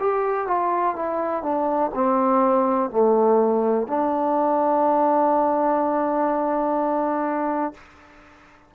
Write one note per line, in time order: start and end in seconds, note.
0.00 0.47 G4
0.47 0.95 F4
0.95 1.43 E4
1.43 1.91 D4
1.94 2.90 C4
2.90 3.87 A3
3.87 7.74 D4